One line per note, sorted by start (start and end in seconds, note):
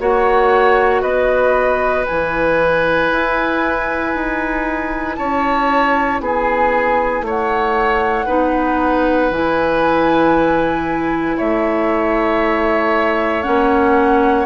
0.00 1.02 A#3
0.00 2.04 F#4
0.00 1.02 C#5
0.00 1.02 F#5
1.02 2.06 B3
1.02 5.16 B4
1.02 2.05 D#5
2.04 8.25 E4
2.04 5.16 G#5
2.11 3.12 E3
3.12 4.15 E4
4.15 5.18 D#4
5.16 6.20 C#4
5.16 6.22 C#5
5.16 6.19 A5
6.20 7.22 B3
6.20 7.26 G#4
6.20 7.25 G#5
7.22 8.25 A3
7.22 8.26 C#5
7.29 9.33 F#5
8.26 9.31 B3
8.26 9.31 D#4
8.26 11.36 B4
9.31 11.38 E3
9.31 13.44 E4
9.31 11.38 G#5
11.37 13.47 A3
11.37 14.47 C#5
11.37 13.43 E5
13.43 14.47 A#3
13.43 14.47 C#4
13.43 14.46 F#5